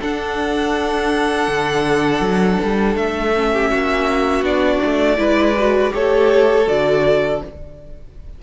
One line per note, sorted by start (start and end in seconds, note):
0.00 3.33 D4
0.00 1.47 D4
0.00 3.52 A4
0.00 2.96 F#5
1.47 2.20 D3
2.20 2.57 F#3
2.63 2.95 G3
2.95 3.69 A3
2.95 4.44 E5
3.34 4.44 C#4
3.53 3.70 G4
3.70 4.41 A#3
3.70 5.18 F#4
4.41 4.78 B3
4.41 5.17 D4
4.41 5.93 D5
4.85 5.18 A3
5.17 5.92 G#3
5.17 5.54 E4
5.17 5.93 B4
5.58 5.90 F#4
5.90 6.67 A3
5.90 6.64 G4
5.90 7.42 A4
5.90 6.68 C#5
6.66 7.41 D3
6.66 7.40 F#4
6.66 7.42 D5